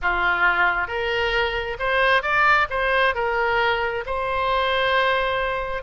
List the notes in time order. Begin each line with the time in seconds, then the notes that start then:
0.02 F4
0.87 A#4
1.79 C5
2.22 D5
2.70 C5
3.14 A#4
4.05 C5